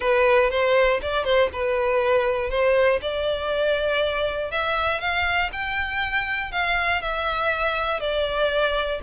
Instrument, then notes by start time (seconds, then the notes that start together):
violin
0.00 B4
0.50 C5
1.01 D5
1.24 C5
1.52 B4
2.50 C5
3.01 D5
4.51 E5
5.00 F5
5.52 G5
6.51 F5
7.01 E5
8.00 D5